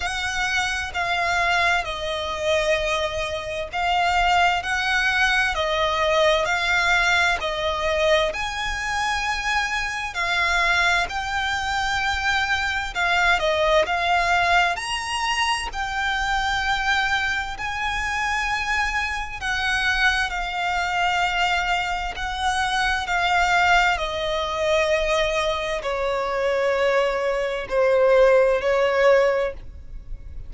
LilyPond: \new Staff \with { instrumentName = "violin" } { \time 4/4 \tempo 4 = 65 fis''4 f''4 dis''2 | f''4 fis''4 dis''4 f''4 | dis''4 gis''2 f''4 | g''2 f''8 dis''8 f''4 |
ais''4 g''2 gis''4~ | gis''4 fis''4 f''2 | fis''4 f''4 dis''2 | cis''2 c''4 cis''4 | }